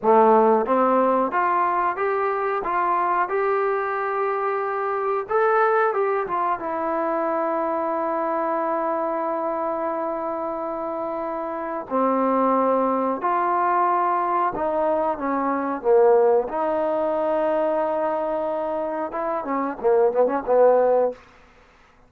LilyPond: \new Staff \with { instrumentName = "trombone" } { \time 4/4 \tempo 4 = 91 a4 c'4 f'4 g'4 | f'4 g'2. | a'4 g'8 f'8 e'2~ | e'1~ |
e'2 c'2 | f'2 dis'4 cis'4 | ais4 dis'2.~ | dis'4 e'8 cis'8 ais8 b16 cis'16 b4 | }